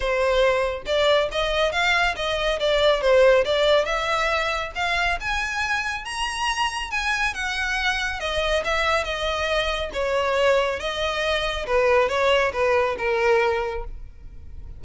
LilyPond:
\new Staff \with { instrumentName = "violin" } { \time 4/4 \tempo 4 = 139 c''2 d''4 dis''4 | f''4 dis''4 d''4 c''4 | d''4 e''2 f''4 | gis''2 ais''2 |
gis''4 fis''2 dis''4 | e''4 dis''2 cis''4~ | cis''4 dis''2 b'4 | cis''4 b'4 ais'2 | }